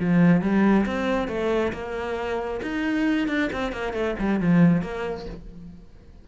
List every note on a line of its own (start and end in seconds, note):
0.00 0.42 F3
0.42 0.86 G3
0.86 1.28 C4
1.28 1.72 A3
1.73 2.61 A#3
2.63 3.28 D#4
3.28 3.50 D4
3.53 3.72 C4
3.72 3.93 A#3
3.93 4.15 A3
4.19 4.40 G3
4.40 4.82 F3
4.82 5.26 A#3